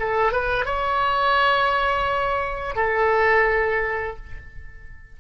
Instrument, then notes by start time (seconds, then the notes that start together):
oboe
0.00 A4
0.32 B4
0.66 C#5
2.76 A4